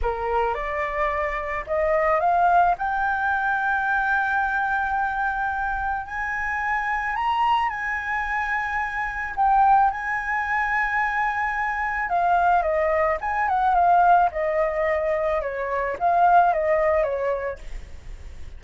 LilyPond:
\new Staff \with { instrumentName = "flute" } { \time 4/4 \tempo 4 = 109 ais'4 d''2 dis''4 | f''4 g''2.~ | g''2. gis''4~ | gis''4 ais''4 gis''2~ |
gis''4 g''4 gis''2~ | gis''2 f''4 dis''4 | gis''8 fis''8 f''4 dis''2 | cis''4 f''4 dis''4 cis''4 | }